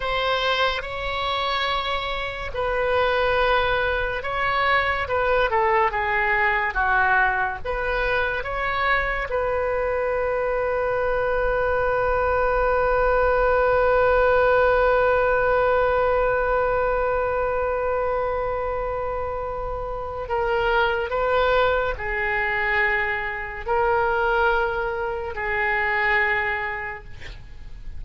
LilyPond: \new Staff \with { instrumentName = "oboe" } { \time 4/4 \tempo 4 = 71 c''4 cis''2 b'4~ | b'4 cis''4 b'8 a'8 gis'4 | fis'4 b'4 cis''4 b'4~ | b'1~ |
b'1~ | b'1 | ais'4 b'4 gis'2 | ais'2 gis'2 | }